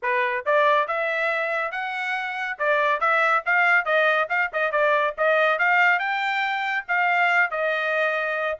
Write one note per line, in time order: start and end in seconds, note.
0.02 0.45 B4
0.45 0.87 D5
0.87 1.71 E5
1.71 2.57 F#5
2.59 3.00 D5
3.00 3.43 E5
3.45 3.85 F5
3.85 4.28 D#5
4.29 4.50 F5
4.53 4.71 D#5
4.71 5.14 D5
5.17 5.58 D#5
5.58 5.99 F5
5.99 6.85 G5
6.88 7.50 F5
7.50 8.58 D#5